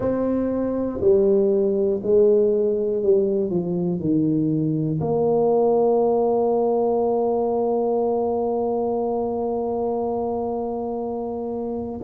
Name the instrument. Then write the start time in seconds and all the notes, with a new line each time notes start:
tuba
0.00 C4
1.00 G3
2.03 G#3
3.03 G3
3.50 F3
4.00 D#3
5.00 A#3